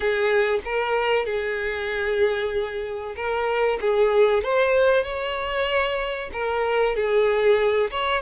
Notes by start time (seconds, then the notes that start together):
0.00 G#4
0.64 A#4
1.25 G#4
3.16 A#4
3.81 G#4
4.43 C5
5.03 C#5
6.32 A#4
6.95 G#4
7.91 C#5